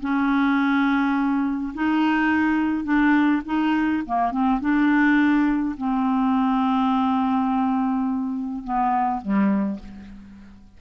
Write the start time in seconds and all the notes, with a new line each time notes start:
0.00 C#4
1.74 D#4
2.84 D4
3.45 D#4
4.06 A#3
4.31 C4
4.60 D4
5.77 C4
8.64 B3
9.21 G3